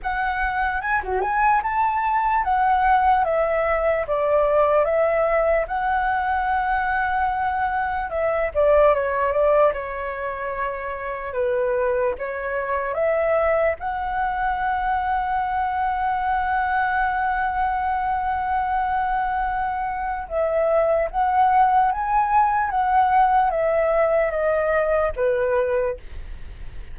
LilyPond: \new Staff \with { instrumentName = "flute" } { \time 4/4 \tempo 4 = 74 fis''4 gis''16 fis'16 gis''8 a''4 fis''4 | e''4 d''4 e''4 fis''4~ | fis''2 e''8 d''8 cis''8 d''8 | cis''2 b'4 cis''4 |
e''4 fis''2.~ | fis''1~ | fis''4 e''4 fis''4 gis''4 | fis''4 e''4 dis''4 b'4 | }